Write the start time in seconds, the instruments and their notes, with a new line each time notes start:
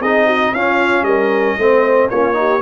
0.00 tuba C4, trombone D#4, horn G#4, trumpet D#5
0.26 horn F#4
0.53 tuba C#4, trombone C#4, horn F4, trumpet F5
1.02 tuba G3, horn A#4, trumpet D#5
1.58 tuba A3, trombone C4, horn C5
2.09 tuba A#3, trombone C#4, horn F4, trumpet C#5
2.33 trombone D#4, horn G4